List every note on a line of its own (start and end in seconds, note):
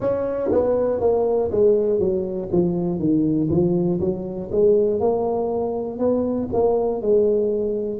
0.00 0.50 C#4
0.51 1.00 B3
1.00 1.50 A#3
1.51 1.99 G#3
1.99 2.49 F#3
2.51 2.99 F3
2.99 3.49 D#3
3.50 4.00 F3
4.00 4.50 F#3
4.51 5.00 G#3
5.00 5.99 A#3
5.99 6.49 B3
6.53 7.01 A#3
7.01 7.99 G#3